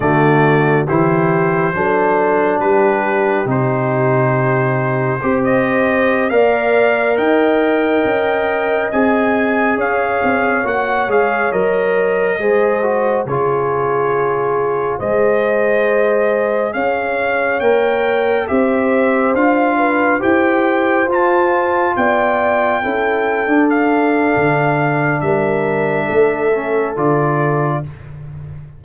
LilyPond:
<<
  \new Staff \with { instrumentName = "trumpet" } { \time 4/4 \tempo 4 = 69 d''4 c''2 b'4 | c''2~ c''16 dis''4 f''8.~ | f''16 g''2 gis''4 f''8.~ | f''16 fis''8 f''8 dis''2 cis''8.~ |
cis''4~ cis''16 dis''2 f''8.~ | f''16 g''4 e''4 f''4 g''8.~ | g''16 a''4 g''2 f''8.~ | f''4 e''2 d''4 | }
  \new Staff \with { instrumentName = "horn" } { \time 4/4 fis'4 g'4 a'4 g'4~ | g'2 c''4~ c''16 d''8.~ | d''16 dis''2. cis''8.~ | cis''2~ cis''16 c''4 gis'8.~ |
gis'4~ gis'16 c''2 cis''8.~ | cis''4~ cis''16 c''4. b'8 c''8.~ | c''4~ c''16 d''4 a'4.~ a'16~ | a'4 ais'4 a'2 | }
  \new Staff \with { instrumentName = "trombone" } { \time 4/4 a4 e'4 d'2 | dis'2 g'4~ g'16 ais'8.~ | ais'2~ ais'16 gis'4.~ gis'16~ | gis'16 fis'8 gis'8 ais'4 gis'8 fis'8 f'8.~ |
f'4~ f'16 gis'2~ gis'8.~ | gis'16 ais'4 g'4 f'4 g'8.~ | g'16 f'2 e'8. d'4~ | d'2~ d'8 cis'8 f'4 | }
  \new Staff \with { instrumentName = "tuba" } { \time 4/4 d4 e4 fis4 g4 | c2 c'4~ c'16 ais8.~ | ais16 dis'4 cis'4 c'4 cis'8 c'16~ | c'16 ais8 gis8 fis4 gis4 cis8.~ |
cis4~ cis16 gis2 cis'8.~ | cis'16 ais4 c'4 d'4 e'8.~ | e'16 f'4 b4 cis'8. d'4 | d4 g4 a4 d4 | }
>>